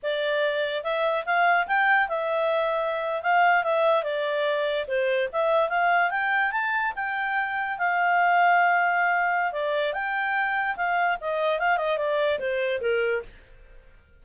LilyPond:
\new Staff \with { instrumentName = "clarinet" } { \time 4/4 \tempo 4 = 145 d''2 e''4 f''4 | g''4 e''2~ e''8. f''16~ | f''8. e''4 d''2 c''16~ | c''8. e''4 f''4 g''4 a''16~ |
a''8. g''2 f''4~ f''16~ | f''2. d''4 | g''2 f''4 dis''4 | f''8 dis''8 d''4 c''4 ais'4 | }